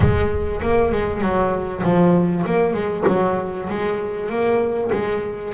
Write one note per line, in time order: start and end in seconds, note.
0.00 0.61 G#3
0.62 0.92 A#3
0.92 1.21 G#3
1.21 1.82 F#3
1.83 2.44 F3
2.45 2.73 A#3
2.73 3.04 G#3
3.07 3.68 F#3
3.69 4.29 G#3
4.29 4.91 A#3
4.92 5.53 G#3